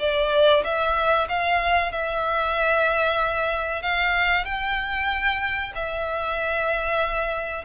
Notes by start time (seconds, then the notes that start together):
0.00 D5
0.64 E5
1.29 F5
1.92 E5
3.83 F5
4.46 G5
5.76 E5